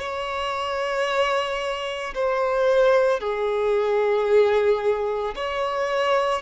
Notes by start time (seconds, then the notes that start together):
0.00 C#5
2.15 C5
3.20 G#4
5.36 C#5